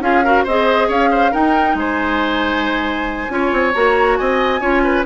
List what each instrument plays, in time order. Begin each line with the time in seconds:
0.00 bassoon C#4, clarinet F4, oboe G#4, flute F5
0.24 clarinet F#4, oboe A#4
0.44 bassoon C4, clarinet G#4, oboe C5, flute D#5
0.88 bassoon C#4, oboe C#5, flute F5
1.11 oboe C5
1.32 clarinet D#4, bassoon D#4, oboe A#4, flute G5
1.75 bassoon G#3, oboe C5, flute G#5
3.30 bassoon C#4, clarinet F4, oboe C#5
3.52 bassoon C4
3.74 bassoon A#3, clarinet F#4, flute A#5
4.17 bassoon C4, oboe D#5, flute G#5
4.61 bassoon C#4, clarinet F4, oboe C#5
4.84 oboe B4